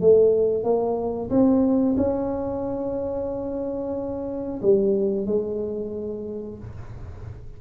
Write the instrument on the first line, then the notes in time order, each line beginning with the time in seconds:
tuba
0.00 A3
0.63 A#3
1.29 C4
1.97 C#4
4.62 G3
5.26 G#3